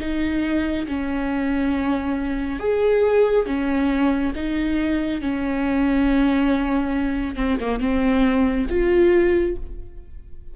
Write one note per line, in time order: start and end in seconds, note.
0.00 0.87 D#4
0.88 2.60 C#4
2.60 3.47 G#4
3.47 4.34 C#4
4.36 5.21 D#4
5.21 7.36 C#4
7.36 7.58 C4
7.61 7.80 A#3
7.80 8.67 C4
8.70 9.57 F4